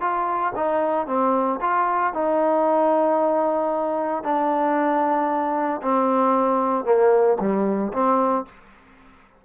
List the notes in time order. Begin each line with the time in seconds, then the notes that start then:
0.00 F4
0.56 D#4
1.07 C4
1.61 F4
2.13 D#4
4.23 D4
5.82 C4
6.85 A#3
7.40 G3
7.93 C4